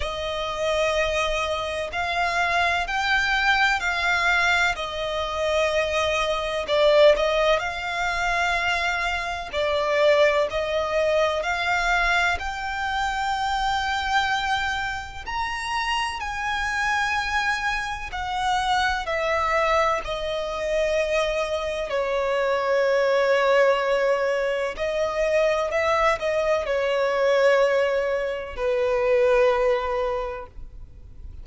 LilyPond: \new Staff \with { instrumentName = "violin" } { \time 4/4 \tempo 4 = 63 dis''2 f''4 g''4 | f''4 dis''2 d''8 dis''8 | f''2 d''4 dis''4 | f''4 g''2. |
ais''4 gis''2 fis''4 | e''4 dis''2 cis''4~ | cis''2 dis''4 e''8 dis''8 | cis''2 b'2 | }